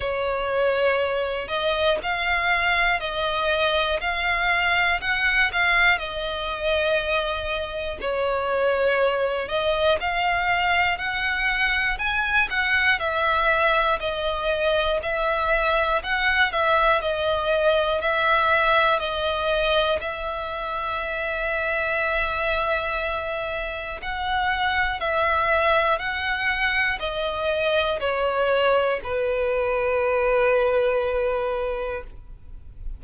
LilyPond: \new Staff \with { instrumentName = "violin" } { \time 4/4 \tempo 4 = 60 cis''4. dis''8 f''4 dis''4 | f''4 fis''8 f''8 dis''2 | cis''4. dis''8 f''4 fis''4 | gis''8 fis''8 e''4 dis''4 e''4 |
fis''8 e''8 dis''4 e''4 dis''4 | e''1 | fis''4 e''4 fis''4 dis''4 | cis''4 b'2. | }